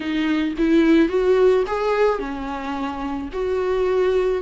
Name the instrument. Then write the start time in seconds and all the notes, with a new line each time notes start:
viola
0.00 D#4
0.58 E4
1.09 F#4
1.67 G#4
2.19 C#4
3.33 F#4